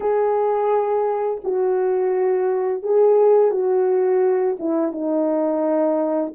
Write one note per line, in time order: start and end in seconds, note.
0.00 1.41 G#4
1.43 2.82 F#4
2.82 3.51 G#4
3.51 4.57 F#4
4.59 4.92 E4
4.92 6.33 D#4